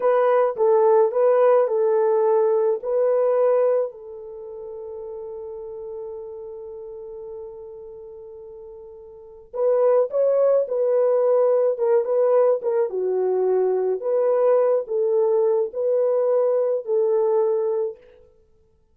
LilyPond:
\new Staff \with { instrumentName = "horn" } { \time 4/4 \tempo 4 = 107 b'4 a'4 b'4 a'4~ | a'4 b'2 a'4~ | a'1~ | a'1~ |
a'4 b'4 cis''4 b'4~ | b'4 ais'8 b'4 ais'8 fis'4~ | fis'4 b'4. a'4. | b'2 a'2 | }